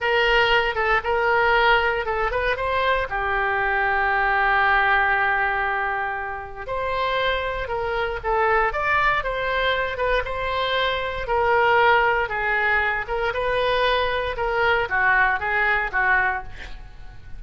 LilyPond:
\new Staff \with { instrumentName = "oboe" } { \time 4/4 \tempo 4 = 117 ais'4. a'8 ais'2 | a'8 b'8 c''4 g'2~ | g'1~ | g'4 c''2 ais'4 |
a'4 d''4 c''4. b'8 | c''2 ais'2 | gis'4. ais'8 b'2 | ais'4 fis'4 gis'4 fis'4 | }